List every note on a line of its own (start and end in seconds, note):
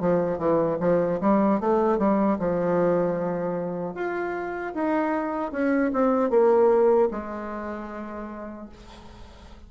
0.00 0.38 F3
0.38 0.78 E3
0.80 1.19 F3
1.21 1.60 G3
1.60 1.98 A3
1.98 2.38 G3
2.39 3.94 F3
3.94 4.73 F4
4.74 5.52 D#4
5.52 5.91 C#4
5.93 6.30 C4
6.30 7.09 A#3
7.11 8.69 G#3